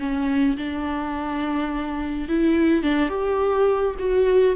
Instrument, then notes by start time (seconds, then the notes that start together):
viola
0.00 C#4
0.58 D4
2.29 E4
2.83 D4
3.10 G4
4.00 F#4